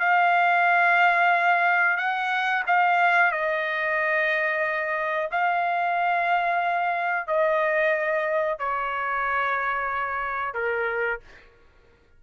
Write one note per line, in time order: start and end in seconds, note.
0.00 1.98 F5
1.98 2.64 F#5
2.67 3.32 F5
3.32 5.30 D#5
5.31 7.27 F5
7.27 8.59 D#5
8.59 10.54 C#5
10.54 11.20 A#4